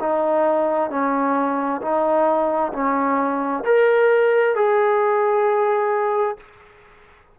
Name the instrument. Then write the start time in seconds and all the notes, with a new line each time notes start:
trombone
0.00 D#4
0.90 C#4
1.81 D#4
2.73 C#4
3.65 A#4
4.55 G#4